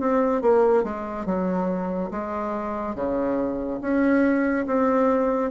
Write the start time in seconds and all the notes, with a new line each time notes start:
0.00 C4
0.41 A#3
0.84 G#3
1.26 F#3
2.11 G#3
2.95 C#3
3.81 C#4
4.66 C4